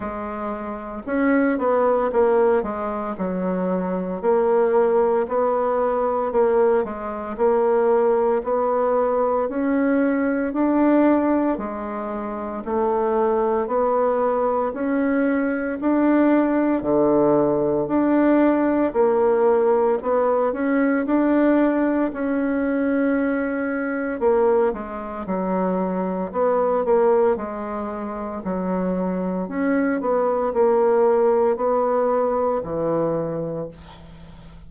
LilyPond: \new Staff \with { instrumentName = "bassoon" } { \time 4/4 \tempo 4 = 57 gis4 cis'8 b8 ais8 gis8 fis4 | ais4 b4 ais8 gis8 ais4 | b4 cis'4 d'4 gis4 | a4 b4 cis'4 d'4 |
d4 d'4 ais4 b8 cis'8 | d'4 cis'2 ais8 gis8 | fis4 b8 ais8 gis4 fis4 | cis'8 b8 ais4 b4 e4 | }